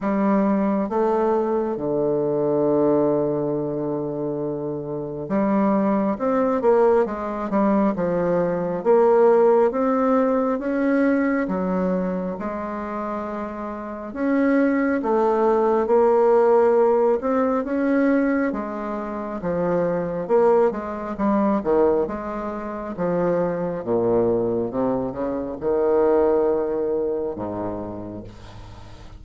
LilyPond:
\new Staff \with { instrumentName = "bassoon" } { \time 4/4 \tempo 4 = 68 g4 a4 d2~ | d2 g4 c'8 ais8 | gis8 g8 f4 ais4 c'4 | cis'4 fis4 gis2 |
cis'4 a4 ais4. c'8 | cis'4 gis4 f4 ais8 gis8 | g8 dis8 gis4 f4 ais,4 | c8 cis8 dis2 gis,4 | }